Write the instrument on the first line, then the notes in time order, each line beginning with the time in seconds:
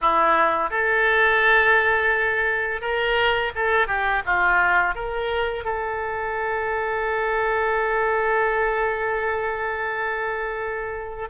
oboe
0.01 E4
0.70 A4
2.81 A#4
3.55 A4
3.87 G4
4.25 F4
4.94 A#4
5.64 A4